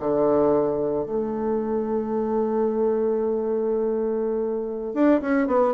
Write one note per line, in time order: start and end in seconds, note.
0.00 1.06 D3
1.06 4.94 A3
4.95 5.21 D4
5.22 5.48 C#4
5.48 5.74 B3